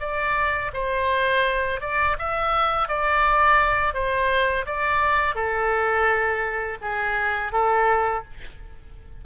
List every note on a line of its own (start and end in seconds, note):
0.00 0.71 D5
0.73 1.81 C5
1.81 2.17 D5
2.19 2.89 E5
2.89 3.94 D5
3.94 4.66 C5
4.66 5.35 D5
5.35 6.78 A4
6.82 7.52 G#4
7.52 8.24 A4